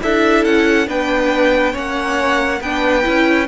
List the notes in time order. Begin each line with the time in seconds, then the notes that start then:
0.00 D4 E4 A4 E5
0.44 C#4 F#5
0.87 B3 D4 B4 G5
1.72 A#3 C#4 C#5 F#5
2.60 B3 D4 B4 G5
3.02 C#4 E4